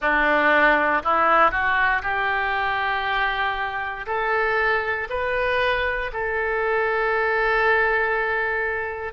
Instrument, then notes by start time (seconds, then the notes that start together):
oboe
0.01 D4
1.03 E4
1.51 F#4
2.02 G4
4.06 A4
5.09 B4
6.12 A4